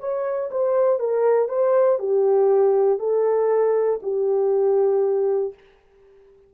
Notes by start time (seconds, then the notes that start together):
0.00 C#5
0.51 C5
1.00 A#4
1.49 C5
1.99 G4
2.99 A4
4.03 G4